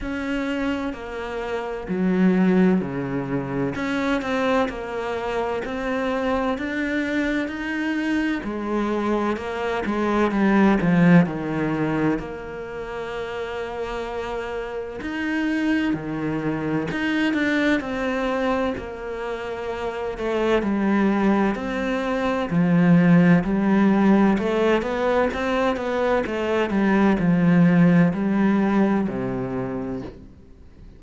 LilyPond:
\new Staff \with { instrumentName = "cello" } { \time 4/4 \tempo 4 = 64 cis'4 ais4 fis4 cis4 | cis'8 c'8 ais4 c'4 d'4 | dis'4 gis4 ais8 gis8 g8 f8 | dis4 ais2. |
dis'4 dis4 dis'8 d'8 c'4 | ais4. a8 g4 c'4 | f4 g4 a8 b8 c'8 b8 | a8 g8 f4 g4 c4 | }